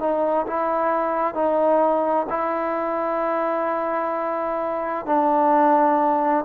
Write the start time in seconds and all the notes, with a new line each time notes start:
0.00 D#4
0.47 E4
1.35 D#4
2.30 E4
5.06 D4